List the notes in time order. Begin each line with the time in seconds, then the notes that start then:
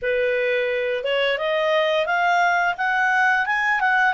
0.02 B4
1.04 C#5
1.38 D#5
2.06 F5
2.77 F#5
3.46 G#5
3.80 F#5